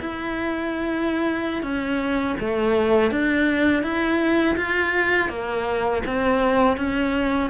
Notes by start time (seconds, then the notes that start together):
0.00 E4
1.63 C#4
2.40 A3
3.11 D4
3.83 E4
4.57 F4
5.29 A#3
6.06 C4
6.77 C#4